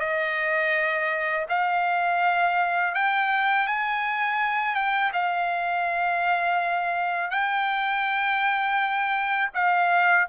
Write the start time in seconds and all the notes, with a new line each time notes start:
0.00 D#5
1.49 F5
2.95 G5
3.67 G#5
4.75 G5
5.13 F5
7.30 G5
9.55 F5